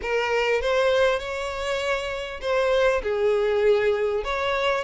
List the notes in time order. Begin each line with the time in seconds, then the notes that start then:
0.02 A#4
0.61 C5
1.19 C#5
2.41 C5
3.02 G#4
4.24 C#5